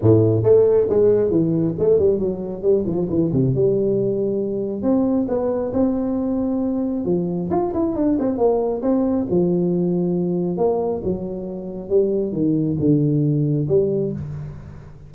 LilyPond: \new Staff \with { instrumentName = "tuba" } { \time 4/4 \tempo 4 = 136 a,4 a4 gis4 e4 | a8 g8 fis4 g8 f8 e8 c8 | g2. c'4 | b4 c'2. |
f4 f'8 e'8 d'8 c'8 ais4 | c'4 f2. | ais4 fis2 g4 | dis4 d2 g4 | }